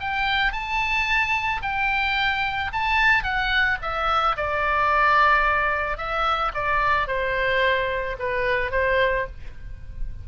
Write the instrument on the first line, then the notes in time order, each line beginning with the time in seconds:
oboe
0.00 G5
0.52 A5
1.62 G5
2.73 A5
3.23 F#5
3.82 E5
4.37 D5
5.97 E5
6.54 D5
7.07 C5
8.19 B4
8.71 C5